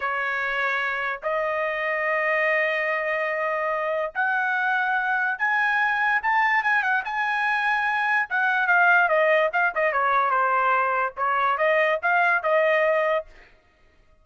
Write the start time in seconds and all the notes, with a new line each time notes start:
0.00 C#5
1.22 D#5
4.14 F#5
5.38 G#5
6.22 A5
6.63 G#5
6.82 F#5
7.04 G#5
8.29 F#5
8.67 F5
9.08 D#5
9.52 F5
9.74 D#5
9.92 C#5
10.30 C5
11.16 C#5
11.57 D#5
12.02 F5
12.43 D#5